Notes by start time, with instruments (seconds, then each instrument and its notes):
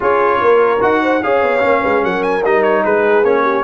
0.00 tuba C#4, trombone F4, horn G#4, trumpet C#5
0.40 tuba A#3, horn A#4
0.80 tuba D#4, trombone F#4, trumpet F#5
1.02 horn C5
1.23 tuba C#4, trombone G#4, horn C#5, trumpet F5
1.42 tuba B3
1.60 tuba A#3, trombone C#4
1.81 tuba G#3, horn B4
2.03 tuba F#3, horn A#4, trumpet F#5
2.22 trumpet G#5
2.44 tuba G3, trombone D#4, trumpet D#5
2.62 trumpet C#5
2.83 tuba G#3, horn G#4, trumpet B4
3.23 tuba A#3, trombone C#4, trumpet C#5
3.42 horn G4